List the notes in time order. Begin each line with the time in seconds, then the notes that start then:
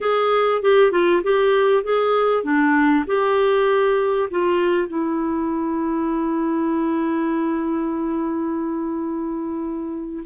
0.00 G#4
0.62 G4
0.91 F4
1.23 G4
1.83 G#4
2.43 D4
3.06 G4
4.30 F4
4.88 E4